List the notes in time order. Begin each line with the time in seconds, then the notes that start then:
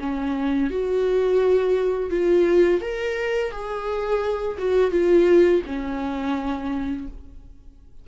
0.00 C#4
0.70 F#4
2.10 F4
2.81 A#4
3.52 G#4
4.58 F#4
4.91 F4
5.66 C#4